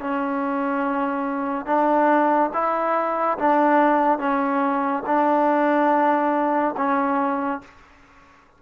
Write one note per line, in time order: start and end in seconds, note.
0.00 1.66 C#4
1.66 2.50 D4
2.53 3.38 E4
3.38 4.18 D4
4.18 5.03 C#4
5.06 6.75 D4
6.77 7.61 C#4